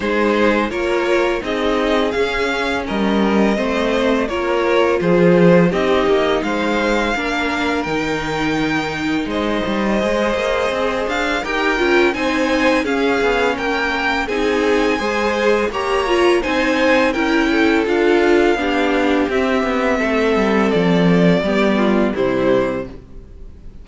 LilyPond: <<
  \new Staff \with { instrumentName = "violin" } { \time 4/4 \tempo 4 = 84 c''4 cis''4 dis''4 f''4 | dis''2 cis''4 c''4 | dis''4 f''2 g''4~ | g''4 dis''2~ dis''8 f''8 |
g''4 gis''4 f''4 g''4 | gis''2 ais''4 gis''4 | g''4 f''2 e''4~ | e''4 d''2 c''4 | }
  \new Staff \with { instrumentName = "violin" } { \time 4/4 gis'4 ais'4 gis'2 | ais'4 c''4 ais'4 gis'4 | g'4 c''4 ais'2~ | ais'4 c''2. |
ais'4 c''4 gis'4 ais'4 | gis'4 c''4 cis''4 c''4 | ais'8 a'4. g'2 | a'2 g'8 f'8 e'4 | }
  \new Staff \with { instrumentName = "viola" } { \time 4/4 dis'4 f'4 dis'4 cis'4~ | cis'4 c'4 f'2 | dis'2 d'4 dis'4~ | dis'2 gis'2 |
g'8 f'8 dis'4 cis'2 | dis'4 gis'4 g'8 f'8 dis'4 | e'4 f'4 d'4 c'4~ | c'2 b4 g4 | }
  \new Staff \with { instrumentName = "cello" } { \time 4/4 gis4 ais4 c'4 cis'4 | g4 a4 ais4 f4 | c'8 ais8 gis4 ais4 dis4~ | dis4 gis8 g8 gis8 ais8 c'8 d'8 |
dis'8 cis'8 c'4 cis'8 b8 ais4 | c'4 gis4 ais4 c'4 | cis'4 d'4 b4 c'8 b8 | a8 g8 f4 g4 c4 | }
>>